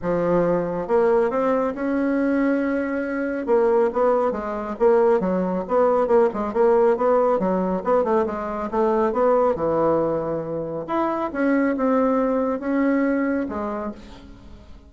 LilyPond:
\new Staff \with { instrumentName = "bassoon" } { \time 4/4 \tempo 4 = 138 f2 ais4 c'4 | cis'1 | ais4 b4 gis4 ais4 | fis4 b4 ais8 gis8 ais4 |
b4 fis4 b8 a8 gis4 | a4 b4 e2~ | e4 e'4 cis'4 c'4~ | c'4 cis'2 gis4 | }